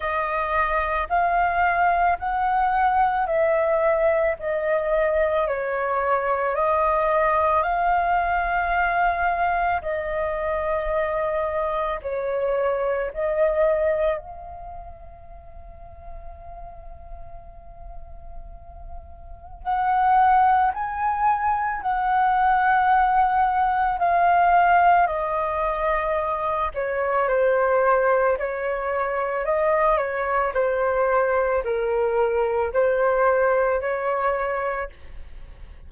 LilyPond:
\new Staff \with { instrumentName = "flute" } { \time 4/4 \tempo 4 = 55 dis''4 f''4 fis''4 e''4 | dis''4 cis''4 dis''4 f''4~ | f''4 dis''2 cis''4 | dis''4 f''2.~ |
f''2 fis''4 gis''4 | fis''2 f''4 dis''4~ | dis''8 cis''8 c''4 cis''4 dis''8 cis''8 | c''4 ais'4 c''4 cis''4 | }